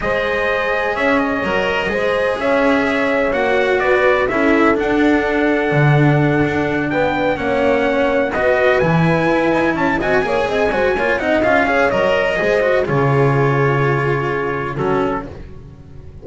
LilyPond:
<<
  \new Staff \with { instrumentName = "trumpet" } { \time 4/4 \tempo 4 = 126 dis''2 e''8 dis''4.~ | dis''4 e''2 fis''4 | d''4 e''4 fis''2~ | fis''2~ fis''8 g''4 fis''8~ |
fis''4. dis''4 gis''4.~ | gis''8 a''8 gis''2~ gis''8 fis''8 | f''4 dis''2 cis''4~ | cis''2. a'4 | }
  \new Staff \with { instrumentName = "horn" } { \time 4/4 c''2 cis''2 | c''4 cis''2. | b'4 a'2.~ | a'2~ a'8 b'4 cis''8~ |
cis''4. b'2~ b'8~ | b'8 cis''8 dis''8 cis''8 dis''8 c''8 cis''8 dis''8~ | dis''8 cis''4. c''4 gis'4~ | gis'2. fis'4 | }
  \new Staff \with { instrumentName = "cello" } { \time 4/4 gis'2. ais'4 | gis'2. fis'4~ | fis'4 e'4 d'2~ | d'2.~ d'8 cis'8~ |
cis'4. fis'4 e'4.~ | e'4 fis'8 gis'4 fis'8 f'8 dis'8 | f'8 gis'8 ais'4 gis'8 fis'8 f'4~ | f'2. cis'4 | }
  \new Staff \with { instrumentName = "double bass" } { \time 4/4 gis2 cis'4 fis4 | gis4 cis'2 ais4 | b4 cis'4 d'2 | d4. d'4 b4 ais8~ |
ais4. b4 e4 e'8 | dis'8 cis'8 c'8 ais8 c'8 gis8 ais8 c'8 | cis'4 fis4 gis4 cis4~ | cis2. fis4 | }
>>